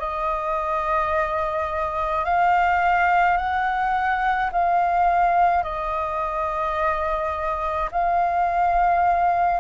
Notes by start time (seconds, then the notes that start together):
0.00 D#5
2.25 F5
3.38 F#5
4.52 F5
5.63 D#5
7.92 F5